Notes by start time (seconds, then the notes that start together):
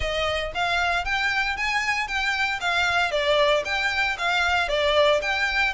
0.00 D#5
0.54 F5
1.04 G5
1.56 G#5
2.07 G5
2.60 F5
3.11 D5
3.64 G5
4.18 F5
4.68 D5
5.21 G5